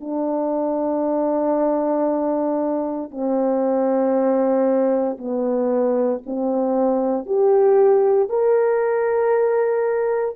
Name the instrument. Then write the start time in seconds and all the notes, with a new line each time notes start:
horn
0.00 D4
3.10 C4
5.18 B3
6.26 C4
7.26 G4
8.29 A#4